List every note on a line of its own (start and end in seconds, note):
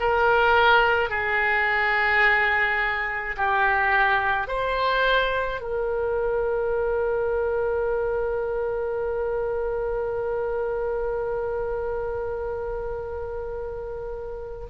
0.00 1.10 A#4
1.10 3.37 G#4
3.37 4.48 G4
4.48 5.61 C5
5.61 14.67 A#4